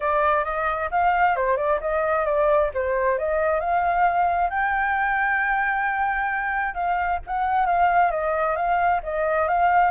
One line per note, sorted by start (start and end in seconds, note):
0.00 0.44 D5
0.44 0.89 D#5
0.90 1.36 F5
1.36 1.57 C5
1.57 1.79 D5
1.80 2.25 D#5
2.25 2.70 D5
2.73 3.18 C5
3.18 3.60 D#5
3.60 4.49 F5
4.49 6.74 G5
6.74 7.19 F5
7.26 7.66 F#5
7.66 8.11 F5
8.11 8.55 D#5
8.55 9.01 F5
9.03 9.47 D#5
9.47 9.90 F5